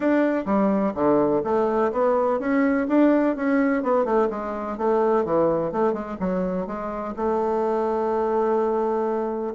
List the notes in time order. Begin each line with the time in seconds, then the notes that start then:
0.00 D4
0.45 G3
0.94 D3
1.44 A3
1.92 B3
2.39 C#4
2.88 D4
3.35 C#4
3.82 B3
4.04 A3
4.29 G#3
4.77 A3
5.24 E3
5.71 A3
5.93 G#3
6.20 F#3
6.66 G#3
7.16 A3